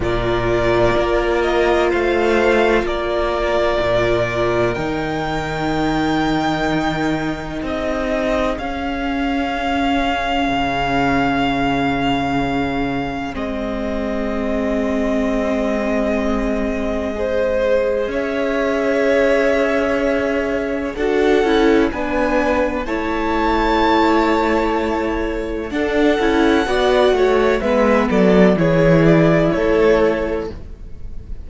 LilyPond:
<<
  \new Staff \with { instrumentName = "violin" } { \time 4/4 \tempo 4 = 63 d''4. dis''8 f''4 d''4~ | d''4 g''2. | dis''4 f''2.~ | f''2 dis''2~ |
dis''2. e''4~ | e''2 fis''4 gis''4 | a''2. fis''4~ | fis''4 e''8 d''8 cis''8 d''8 cis''4 | }
  \new Staff \with { instrumentName = "violin" } { \time 4/4 ais'2 c''4 ais'4~ | ais'1 | gis'1~ | gis'1~ |
gis'2 c''4 cis''4~ | cis''2 a'4 b'4 | cis''2. a'4 | d''8 cis''8 b'8 a'8 gis'4 a'4 | }
  \new Staff \with { instrumentName = "viola" } { \time 4/4 f'1~ | f'4 dis'2.~ | dis'4 cis'2.~ | cis'2 c'2~ |
c'2 gis'2~ | gis'2 fis'8 e'8 d'4 | e'2. d'8 e'8 | fis'4 b4 e'2 | }
  \new Staff \with { instrumentName = "cello" } { \time 4/4 ais,4 ais4 a4 ais4 | ais,4 dis2. | c'4 cis'2 cis4~ | cis2 gis2~ |
gis2. cis'4~ | cis'2 d'8 cis'8 b4 | a2. d'8 cis'8 | b8 a8 gis8 fis8 e4 a4 | }
>>